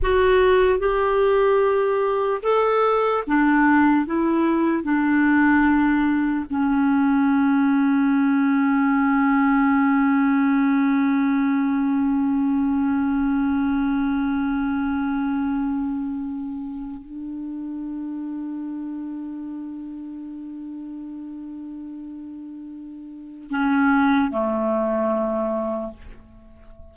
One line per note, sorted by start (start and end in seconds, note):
0.02 0.79 F#4
0.79 2.41 G4
2.43 3.24 A4
3.27 4.06 D4
4.06 4.83 E4
4.83 6.45 D4
6.49 17.02 C#4
17.02 23.50 D4
23.50 24.30 C#4
24.30 25.92 A3